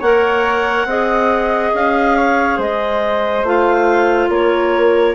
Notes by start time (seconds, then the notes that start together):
0.00 A#3 A#4 C#5 F#5
0.86 C4 G#4 D#5
1.74 C#4 F5
2.17 C#5
2.58 G#3 C5 D#5
3.43 A3 F4 F5
4.29 A#3 A#4 C#5